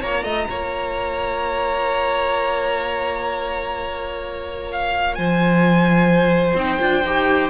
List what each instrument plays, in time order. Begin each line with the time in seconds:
0.00 cello A#3, viola F4, violin C#5 A#5
0.23 cello A3, violin D#5
0.49 cello A#3, violin C#5
4.72 violin F5
5.15 cello F3, violin C5 G#5
6.54 cello C4, viola D#4, violin G5
6.79 cello D4, viola F4
7.03 cello D#4, viola G4